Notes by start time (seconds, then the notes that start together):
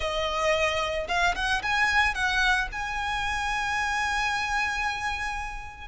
0.00 D#5
1.07 F5
1.35 F#5
1.62 G#5
2.14 F#5
2.72 G#5